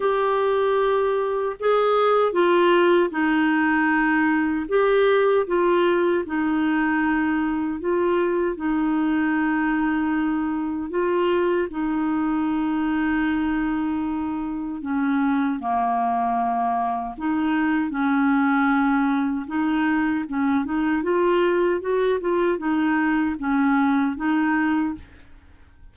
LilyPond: \new Staff \with { instrumentName = "clarinet" } { \time 4/4 \tempo 4 = 77 g'2 gis'4 f'4 | dis'2 g'4 f'4 | dis'2 f'4 dis'4~ | dis'2 f'4 dis'4~ |
dis'2. cis'4 | ais2 dis'4 cis'4~ | cis'4 dis'4 cis'8 dis'8 f'4 | fis'8 f'8 dis'4 cis'4 dis'4 | }